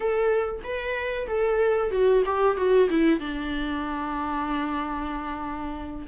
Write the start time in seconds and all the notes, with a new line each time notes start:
0.00 A4
0.63 B4
1.27 A4
1.91 F#4
2.25 G4
2.56 F#4
2.89 E4
3.19 D4